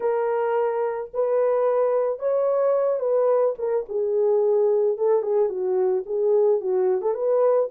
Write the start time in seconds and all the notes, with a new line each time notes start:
0.00 A#4
1.13 B4
2.19 C#5
2.99 B4
3.58 A#4
3.89 G#4
4.97 A4
5.22 G#4
5.49 F#4
6.06 G#4
6.60 F#4
7.01 A4
7.14 B4